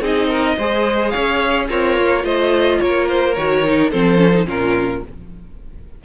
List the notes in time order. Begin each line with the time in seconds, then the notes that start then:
0.00 C4 D#4 G#4 D#5
0.28 A#4
0.57 G#3 G#4 C5
1.09 C#4 C#5 F5
1.68 C4 F4 A#4 C#5
1.98 A#3
2.21 A3 F4 C5 D#5
2.79 A#3 A#4 C#5
3.08 C5
3.34 D#3 F#4 C#5
3.64 D#4
3.90 F3 C4 A4 C5
4.16 C#4
4.32 D#4
4.45 A#2 C#4 F4 A#4